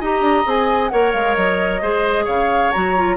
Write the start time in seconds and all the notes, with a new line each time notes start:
0.00 D#4 G4 D#5 A#5
0.20 D4
0.45 C4 G#4 G#5
0.89 A#3 A#4 C#5 F#5
1.12 G#3 F5
1.34 F#3 D#5
1.81 G#3 G#4 C5
2.24 C#3 C#5 F5
2.72 F#3 F#4 A#5
2.96 F4